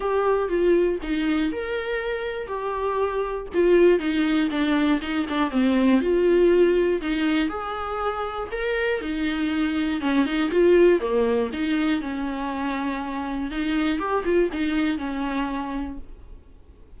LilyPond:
\new Staff \with { instrumentName = "viola" } { \time 4/4 \tempo 4 = 120 g'4 f'4 dis'4 ais'4~ | ais'4 g'2 f'4 | dis'4 d'4 dis'8 d'8 c'4 | f'2 dis'4 gis'4~ |
gis'4 ais'4 dis'2 | cis'8 dis'8 f'4 ais4 dis'4 | cis'2. dis'4 | g'8 f'8 dis'4 cis'2 | }